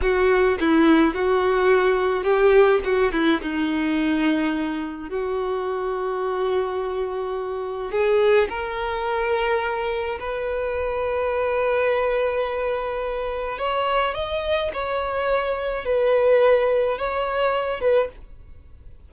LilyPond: \new Staff \with { instrumentName = "violin" } { \time 4/4 \tempo 4 = 106 fis'4 e'4 fis'2 | g'4 fis'8 e'8 dis'2~ | dis'4 fis'2.~ | fis'2 gis'4 ais'4~ |
ais'2 b'2~ | b'1 | cis''4 dis''4 cis''2 | b'2 cis''4. b'8 | }